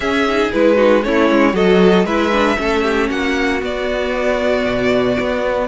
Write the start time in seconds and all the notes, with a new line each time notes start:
0.00 C#4 G#4 E5
0.27 D#4
0.52 G#3 E4 B4
0.76 D#4 F#4
1.03 A3 C#4 E4 C#5
1.30 G#3
1.53 F#3 F#4 A4 D#5
2.04 G#3 E4 B4 E5
2.32 D4
2.57 A3 C#4 A4
2.82 G4
3.09 A#3 F#4 F#5
3.60 B3 D5
4.65 B2
5.19 B3